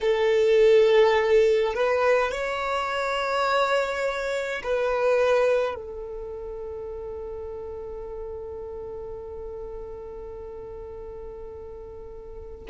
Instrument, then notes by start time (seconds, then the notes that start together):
violin
0.01 A4
1.74 B4
2.31 C#5
4.63 B4
5.74 A4